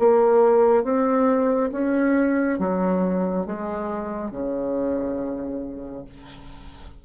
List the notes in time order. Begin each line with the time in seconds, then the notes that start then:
0.00 A#3
0.84 C4
1.72 C#4
2.60 F#3
3.47 G#3
4.31 C#3